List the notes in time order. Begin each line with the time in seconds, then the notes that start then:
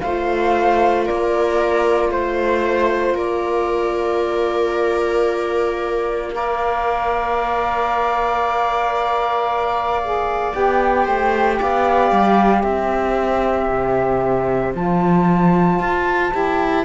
0.00 A3 F4 C5 F5
1.05 A#3 A#4 D5
2.10 A3 C5
3.15 A#3 A#4 D5
6.34 A#4 D5 F5
10.04 G#4
10.53 B3 G4 G5
11.05 A3 C5
11.59 B3 D5 F5
12.11 G3
12.62 C4 C5 E5
13.69 C3
14.74 F3 F4 A5
15.80 F4
16.31 E4 G4